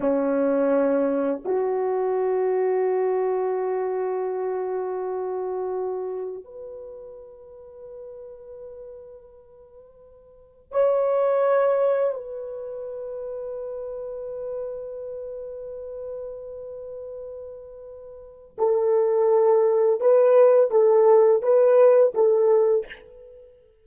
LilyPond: \new Staff \with { instrumentName = "horn" } { \time 4/4 \tempo 4 = 84 cis'2 fis'2~ | fis'1~ | fis'4 b'2.~ | b'2. cis''4~ |
cis''4 b'2.~ | b'1~ | b'2 a'2 | b'4 a'4 b'4 a'4 | }